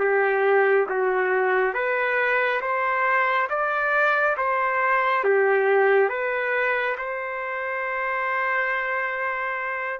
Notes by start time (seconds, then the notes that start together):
0.00 G4
0.90 F#4
1.74 B4
2.61 C5
3.50 D5
4.38 C5
5.24 G4
6.09 B4
6.98 C5